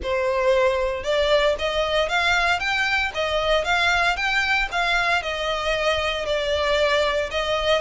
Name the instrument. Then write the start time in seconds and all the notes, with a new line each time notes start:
violin
0.02 C5
1.03 D5
1.59 D#5
2.08 F5
2.59 G5
3.14 D#5
3.64 F5
4.16 G5
4.71 F5
5.22 D#5
6.25 D5
7.30 D#5